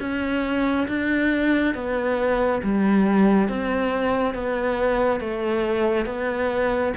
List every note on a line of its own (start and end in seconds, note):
0.00 0.87 C#4
0.88 1.75 D4
1.75 2.62 B3
2.63 3.49 G3
3.49 4.34 C4
4.34 5.20 B3
5.20 6.06 A3
6.06 6.93 B3